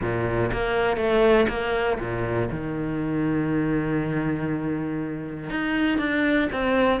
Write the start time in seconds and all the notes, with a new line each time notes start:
0.01 A#2
0.52 A#3
0.96 A3
1.48 A#3
1.99 A#2
2.50 D#3
5.50 D#4
5.98 D4
6.52 C4